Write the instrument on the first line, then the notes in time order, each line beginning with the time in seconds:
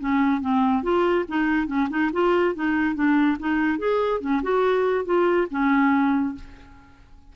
clarinet
0.00 C#4
0.41 C4
0.83 F4
1.28 D#4
1.67 C#4
1.90 D#4
2.13 F4
2.55 D#4
2.95 D4
3.40 D#4
3.79 G#4
4.21 C#4
4.43 F#4
5.05 F4
5.51 C#4